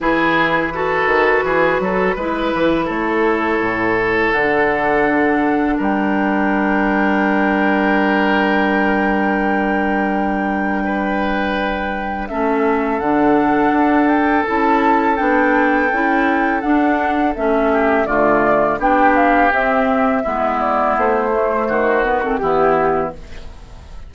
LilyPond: <<
  \new Staff \with { instrumentName = "flute" } { \time 4/4 \tempo 4 = 83 b'1 | cis''2 fis''2 | g''1~ | g''1~ |
g''4 e''4 fis''4. g''8 | a''4 g''2 fis''4 | e''4 d''4 g''8 f''8 e''4~ | e''8 d''8 c''4. b'16 a'16 g'4 | }
  \new Staff \with { instrumentName = "oboe" } { \time 4/4 gis'4 a'4 gis'8 a'8 b'4 | a'1 | ais'1~ | ais'2. b'4~ |
b'4 a'2.~ | a'1~ | a'8 g'8 f'4 g'2 | e'2 fis'4 e'4 | }
  \new Staff \with { instrumentName = "clarinet" } { \time 4/4 e'4 fis'2 e'4~ | e'2 d'2~ | d'1~ | d'1~ |
d'4 cis'4 d'2 | e'4 d'4 e'4 d'4 | cis'4 a4 d'4 c'4 | b4. a4 b16 c'16 b4 | }
  \new Staff \with { instrumentName = "bassoon" } { \time 4/4 e4. dis8 e8 fis8 gis8 e8 | a4 a,4 d2 | g1~ | g1~ |
g4 a4 d4 d'4 | cis'4 b4 cis'4 d'4 | a4 d4 b4 c'4 | gis4 a4 dis4 e4 | }
>>